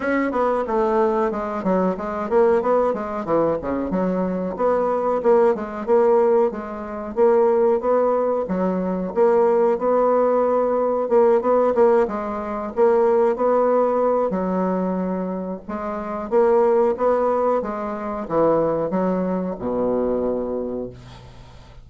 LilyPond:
\new Staff \with { instrumentName = "bassoon" } { \time 4/4 \tempo 4 = 92 cis'8 b8 a4 gis8 fis8 gis8 ais8 | b8 gis8 e8 cis8 fis4 b4 | ais8 gis8 ais4 gis4 ais4 | b4 fis4 ais4 b4~ |
b4 ais8 b8 ais8 gis4 ais8~ | ais8 b4. fis2 | gis4 ais4 b4 gis4 | e4 fis4 b,2 | }